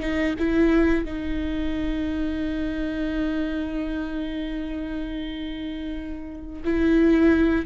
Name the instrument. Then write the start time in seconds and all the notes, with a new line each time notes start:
viola
0.00 D#4
0.39 E4
1.05 D#4
6.64 E4